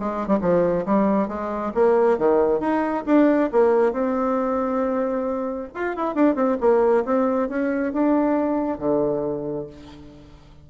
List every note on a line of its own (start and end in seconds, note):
0.00 0.27 G#3
0.27 0.38 G3
0.41 0.85 F3
0.86 1.28 G3
1.28 1.72 G#3
1.75 2.18 A#3
2.18 2.60 D#3
2.60 3.04 D#4
3.06 3.50 D4
3.52 3.93 A#3
3.93 5.69 C4
5.75 5.96 F4
5.96 6.15 E4
6.15 6.35 D4
6.35 6.57 C4
6.61 7.05 A#3
7.05 7.49 C4
7.49 7.93 C#4
7.93 8.79 D4
8.79 9.67 D3